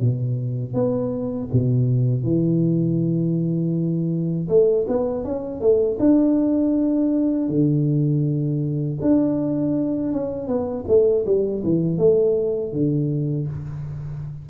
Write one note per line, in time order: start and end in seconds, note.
0.00 0.73 B2
0.73 1.48 B3
1.52 2.23 B2
2.23 4.48 E3
4.48 4.86 A3
4.87 5.24 B3
5.24 5.60 C#4
5.60 5.98 A3
5.99 7.48 D4
7.48 8.98 D3
9.01 10.12 D4
10.12 10.47 C#4
10.47 10.84 B3
10.87 11.25 A3
11.25 11.63 G3
11.63 11.97 E3
11.97 12.72 A3
12.72 13.47 D3